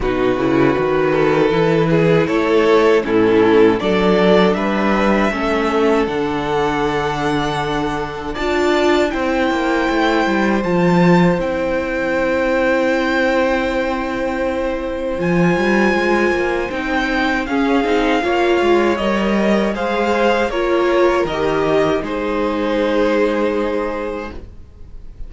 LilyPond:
<<
  \new Staff \with { instrumentName = "violin" } { \time 4/4 \tempo 4 = 79 b'2. cis''4 | a'4 d''4 e''2 | fis''2. a''4 | g''2 a''4 g''4~ |
g''1 | gis''2 g''4 f''4~ | f''4 dis''4 f''4 cis''4 | dis''4 c''2. | }
  \new Staff \with { instrumentName = "violin" } { \time 4/4 fis'4. a'4 gis'8 a'4 | e'4 a'4 b'4 a'4~ | a'2. d''4 | c''1~ |
c''1~ | c''2. gis'4 | cis''2 c''4 ais'4~ | ais'4 gis'2. | }
  \new Staff \with { instrumentName = "viola" } { \time 4/4 dis'8 e'8 fis'4 e'2 | cis'4 d'2 cis'4 | d'2. f'4 | e'2 f'4 e'4~ |
e'1 | f'2 dis'4 cis'8 dis'8 | f'4 ais'4 gis'4 f'4 | g'4 dis'2. | }
  \new Staff \with { instrumentName = "cello" } { \time 4/4 b,8 cis8 dis4 e4 a4 | a,4 fis4 g4 a4 | d2. d'4 | c'8 ais8 a8 g8 f4 c'4~ |
c'1 | f8 g8 gis8 ais8 c'4 cis'8 c'8 | ais8 gis8 g4 gis4 ais4 | dis4 gis2. | }
>>